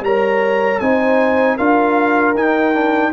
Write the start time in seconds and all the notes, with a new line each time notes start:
0.00 G3 A#4 C#5 A#5
0.79 C4 D#4 C5 G#5
1.56 D4 F4 A#4 F5
2.34 D#4 G5
2.73 D4